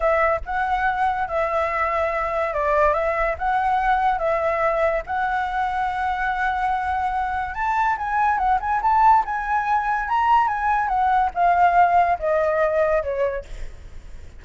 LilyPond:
\new Staff \with { instrumentName = "flute" } { \time 4/4 \tempo 4 = 143 e''4 fis''2 e''4~ | e''2 d''4 e''4 | fis''2 e''2 | fis''1~ |
fis''2 a''4 gis''4 | fis''8 gis''8 a''4 gis''2 | ais''4 gis''4 fis''4 f''4~ | f''4 dis''2 cis''4 | }